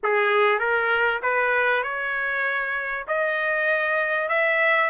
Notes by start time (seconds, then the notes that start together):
0.03 G#4
0.59 A#4
1.22 B4
1.83 C#5
3.07 D#5
4.29 E5